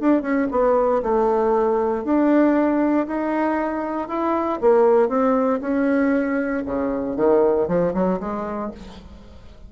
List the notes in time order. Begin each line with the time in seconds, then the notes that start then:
0.00 D4
0.22 C#4
0.51 B3
1.03 A3
2.04 D4
3.07 D#4
4.08 E4
4.61 A#3
5.09 C4
5.61 C#4
6.66 C#3
7.17 D#3
7.68 F3
7.94 F#3
8.20 G#3